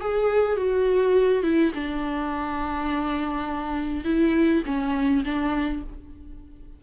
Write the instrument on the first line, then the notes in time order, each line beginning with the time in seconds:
viola
0.00 G#4
0.56 F#4
1.43 E4
1.74 D4
4.05 E4
4.66 C#4
5.25 D4